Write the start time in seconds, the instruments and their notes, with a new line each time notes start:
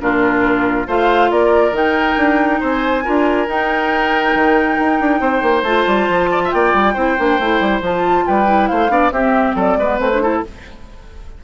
0.00 bassoon A#2, clarinet D4, oboe F4, flute A#4
0.87 bassoon A3, clarinet F4, oboe C5, flute F5
1.31 bassoon A#3, oboe A#4, flute D5
1.72 bassoon D#3, clarinet D#4, flute G5
2.17 bassoon D4
2.60 bassoon C4, oboe C5, flute G#5
3.04 bassoon D4, clarinet F4, oboe A#4
3.47 clarinet D#4, bassoon D#4, flute G5
4.35 bassoon D#3
4.79 bassoon D#4
5.01 bassoon D4
5.20 bassoon C4, oboe C5
5.42 bassoon A#3
5.63 bassoon A3, clarinet F4, flute A5
5.87 bassoon G3
6.09 bassoon F3
6.31 oboe D5
6.44 oboe E5
6.51 bassoon A#3, oboe D5, flute G5
6.74 bassoon G3
6.94 bassoon C4, clarinet E4, oboe C5
7.18 bassoon A#3, clarinet D4
7.39 bassoon A3, clarinet E4
7.61 bassoon G3
7.81 bassoon F3, clarinet F4, flute A5
8.26 bassoon G3, oboe B4, flute G5
8.46 clarinet E4
8.68 bassoon A3, oboe C5, flute F5
8.89 bassoon B3, clarinet D4, oboe D5
9.11 bassoon C4, oboe G4, flute E5
9.18 clarinet C4
9.55 bassoon F#3, oboe A4, flute D5
9.77 bassoon G#3, clarinet B3, oboe B4
9.99 bassoon A3, clarinet C4, flute C5
10.13 clarinet D4
10.22 clarinet E4, oboe A4